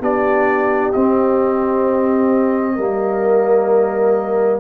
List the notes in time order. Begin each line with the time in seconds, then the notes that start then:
0.00 B3 D4 G4 D5
0.92 C4 D#5
2.74 G3 A#3 A#4